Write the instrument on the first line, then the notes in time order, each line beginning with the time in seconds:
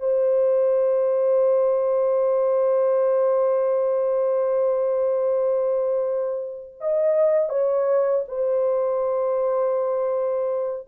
horn
0.00 C5
6.81 D#5
7.50 C#5
8.28 C5